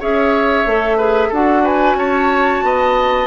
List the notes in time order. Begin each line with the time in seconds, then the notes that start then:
0.00 C#4 G#4 C#5 E5
0.66 A3 A4
0.98 G#4 B4
1.29 D4 F#4 A4 F#5
1.64 B4 G#5
1.95 C#4 C#5 A5
2.63 B3 D#5